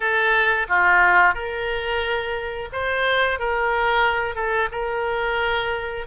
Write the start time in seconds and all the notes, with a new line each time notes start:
0.00 A4
0.68 F4
1.34 A#4
2.72 C5
3.39 A#4
4.35 A4
4.71 A#4